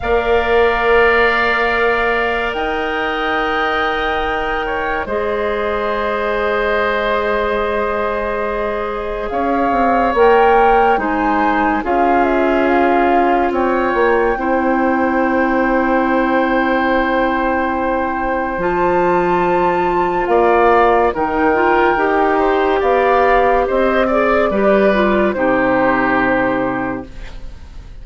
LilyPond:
<<
  \new Staff \with { instrumentName = "flute" } { \time 4/4 \tempo 4 = 71 f''2. g''4~ | g''2 dis''2~ | dis''2. f''4 | g''4 gis''4 f''8 e''8 f''4 |
g''1~ | g''2 a''2 | f''4 g''2 f''4 | dis''8 d''4. c''2 | }
  \new Staff \with { instrumentName = "oboe" } { \time 4/4 d''2. dis''4~ | dis''4. cis''8 c''2~ | c''2. cis''4~ | cis''4 c''4 gis'2 |
cis''4 c''2.~ | c''1 | d''4 ais'4. c''8 d''4 | c''8 d''8 b'4 g'2 | }
  \new Staff \with { instrumentName = "clarinet" } { \time 4/4 ais'1~ | ais'2 gis'2~ | gis'1 | ais'4 dis'4 f'2~ |
f'4 e'2.~ | e'2 f'2~ | f'4 dis'8 f'8 g'2~ | g'8 gis'8 g'8 f'8 dis'2 | }
  \new Staff \with { instrumentName = "bassoon" } { \time 4/4 ais2. dis'4~ | dis'2 gis2~ | gis2. cis'8 c'8 | ais4 gis4 cis'2 |
c'8 ais8 c'2.~ | c'2 f2 | ais4 dis4 dis'4 b4 | c'4 g4 c2 | }
>>